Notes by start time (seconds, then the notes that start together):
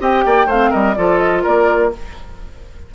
0.00 C4 G4 D#5 G5
0.26 A#3 D5
0.47 A3 C4 C5 F5
0.70 G3 A#4 D#5
0.95 F3 F4 A4 D5
1.18 D#5
1.43 A#3 A#4 D5